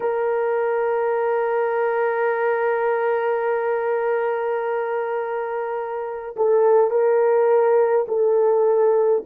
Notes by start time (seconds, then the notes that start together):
0.00 A#4
6.36 A4
6.90 A#4
8.08 A4